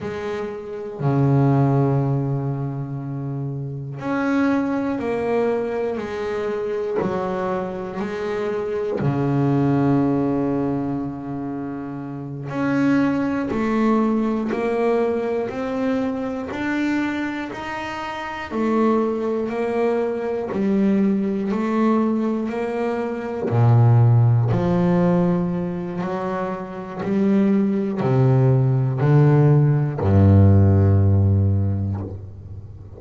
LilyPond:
\new Staff \with { instrumentName = "double bass" } { \time 4/4 \tempo 4 = 60 gis4 cis2. | cis'4 ais4 gis4 fis4 | gis4 cis2.~ | cis8 cis'4 a4 ais4 c'8~ |
c'8 d'4 dis'4 a4 ais8~ | ais8 g4 a4 ais4 ais,8~ | ais,8 f4. fis4 g4 | c4 d4 g,2 | }